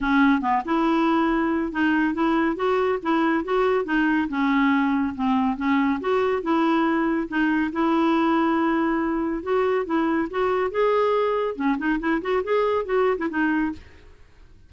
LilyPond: \new Staff \with { instrumentName = "clarinet" } { \time 4/4 \tempo 4 = 140 cis'4 b8 e'2~ e'8 | dis'4 e'4 fis'4 e'4 | fis'4 dis'4 cis'2 | c'4 cis'4 fis'4 e'4~ |
e'4 dis'4 e'2~ | e'2 fis'4 e'4 | fis'4 gis'2 cis'8 dis'8 | e'8 fis'8 gis'4 fis'8. e'16 dis'4 | }